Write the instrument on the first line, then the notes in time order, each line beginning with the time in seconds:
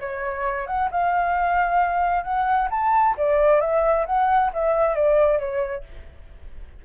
flute
0.00 C#5
0.66 F#5
0.91 F5
2.23 F#5
2.70 A5
3.17 D5
3.60 E5
4.06 F#5
4.53 E5
4.95 D5
5.38 C#5